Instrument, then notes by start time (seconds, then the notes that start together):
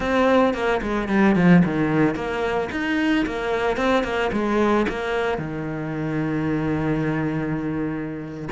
cello
0.00 C4
0.54 A#3
0.81 G#3
1.08 G3
1.35 F3
1.64 D#3
2.15 A#3
2.71 D#4
3.26 A#3
3.76 C4
4.03 A#3
4.32 G#3
4.88 A#3
5.38 D#3